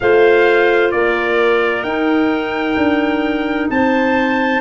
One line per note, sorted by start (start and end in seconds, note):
0.00 0.92 A3
0.00 1.85 F4
0.00 0.94 C5
0.00 0.91 F5
0.91 1.83 A#3
0.91 3.70 A#4
0.91 1.83 D5
1.83 2.75 D#4
1.83 4.60 D#4
1.83 3.67 G5
2.76 3.69 D4
3.70 4.60 C4
3.70 4.60 C5
3.70 4.60 A5